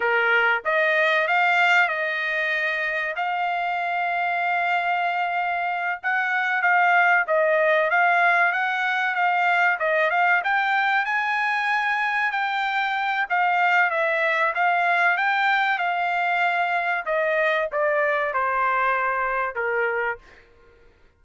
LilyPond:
\new Staff \with { instrumentName = "trumpet" } { \time 4/4 \tempo 4 = 95 ais'4 dis''4 f''4 dis''4~ | dis''4 f''2.~ | f''4. fis''4 f''4 dis''8~ | dis''8 f''4 fis''4 f''4 dis''8 |
f''8 g''4 gis''2 g''8~ | g''4 f''4 e''4 f''4 | g''4 f''2 dis''4 | d''4 c''2 ais'4 | }